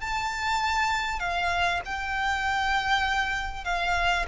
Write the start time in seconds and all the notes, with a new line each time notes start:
0.00 A5
1.19 F5
1.85 G5
3.64 F5